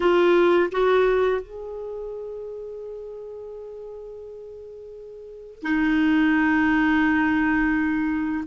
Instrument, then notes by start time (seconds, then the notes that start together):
clarinet
0.00 F4
0.71 F#4
1.41 G#4
5.62 D#4